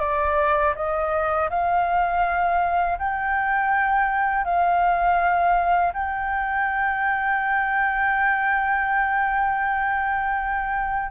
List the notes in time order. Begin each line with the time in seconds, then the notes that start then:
0.00 D5
0.75 D#5
1.50 F5
2.98 G5
4.44 F5
5.93 G5